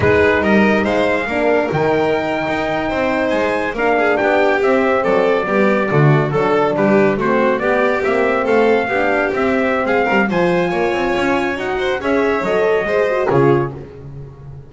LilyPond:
<<
  \new Staff \with { instrumentName = "trumpet" } { \time 4/4 \tempo 4 = 140 b'4 dis''4 f''2 | g''2.~ g''8. gis''16~ | gis''8. f''4 g''4 e''4 d''16~ | d''2~ d''8. a'4 b'16~ |
b'8. c''4 d''4 e''4 f''16~ | f''4.~ f''16 e''4~ e''16 f''4 | gis''2. fis''4 | e''4 dis''2 cis''4 | }
  \new Staff \with { instrumentName = "violin" } { \time 4/4 gis'4 ais'4 c''4 ais'4~ | ais'2~ ais'8. c''4~ c''16~ | c''8. ais'8 gis'8 g'2 a'16~ | a'8. g'4 fis'4 a'4 g'16~ |
g'8. fis'4 g'2 a'16~ | a'8. g'2~ g'16 gis'8 ais'8 | c''4 cis''2~ cis''8 c''8 | cis''2 c''4 gis'4 | }
  \new Staff \with { instrumentName = "horn" } { \time 4/4 dis'2. d'4 | dis'1~ | dis'8. d'2 c'4~ c'16~ | c'8. b4 a4 d'4~ d'16~ |
d'8. c'4 b4 c'4~ c'16~ | c'8. d'4 c'2~ c'16 | f'2. fis'4 | gis'4 a'4 gis'8 fis'8 f'4 | }
  \new Staff \with { instrumentName = "double bass" } { \time 4/4 gis4 g4 gis4 ais4 | dis4.~ dis16 dis'4 c'4 gis16~ | gis8. ais4 b4 c'4 fis16~ | fis8. g4 d4 fis4 g16~ |
g8. a4 b4 ais4 a16~ | a8. b4 c'4~ c'16 gis8 g8 | f4 ais8 c'8 cis'4 dis'4 | cis'4 fis4 gis4 cis4 | }
>>